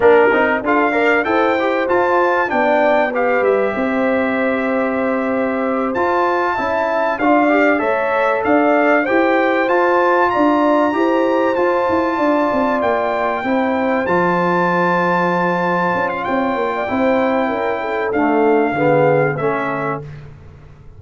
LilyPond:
<<
  \new Staff \with { instrumentName = "trumpet" } { \time 4/4 \tempo 4 = 96 ais'4 f''4 g''4 a''4 | g''4 f''8 e''2~ e''8~ | e''4. a''2 f''8~ | f''8 e''4 f''4 g''4 a''8~ |
a''8 ais''2 a''4.~ | a''8 g''2 a''4.~ | a''4.~ a''16 f''16 g''2~ | g''4 f''2 e''4 | }
  \new Staff \with { instrumentName = "horn" } { \time 4/4 ais'4 a'8 d''8 c''2 | d''4 b'4 c''2~ | c''2~ c''8 e''4 d''8~ | d''8 cis''4 d''4 c''4.~ |
c''8 d''4 c''2 d''8~ | d''4. c''2~ c''8~ | c''2 cis''8. d''16 c''4 | ais'8 a'4. gis'4 a'4 | }
  \new Staff \with { instrumentName = "trombone" } { \time 4/4 d'8 dis'8 f'8 ais'8 a'8 g'8 f'4 | d'4 g'2.~ | g'4. f'4 e'4 f'8 | g'8 a'2 g'4 f'8~ |
f'4. g'4 f'4.~ | f'4. e'4 f'4.~ | f'2. e'4~ | e'4 a4 b4 cis'4 | }
  \new Staff \with { instrumentName = "tuba" } { \time 4/4 ais8 c'8 d'4 e'4 f'4 | b4. g8 c'2~ | c'4. f'4 cis'4 d'8~ | d'8 a4 d'4 e'4 f'8~ |
f'8 d'4 e'4 f'8 e'8 d'8 | c'8 ais4 c'4 f4.~ | f4. cis'8 c'8 ais8 c'4 | cis'4 d'4 d4 a4 | }
>>